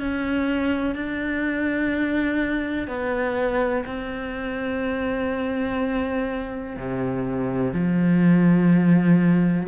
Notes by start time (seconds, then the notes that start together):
0.00 C#4
0.95 D4
2.88 B3
3.86 C4
6.77 C3
7.73 F3